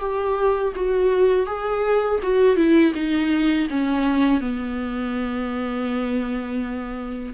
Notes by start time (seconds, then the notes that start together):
0.00 G4
0.75 F#4
1.46 G#4
2.23 F#4
2.56 E4
2.95 D#4
3.70 C#4
4.41 B3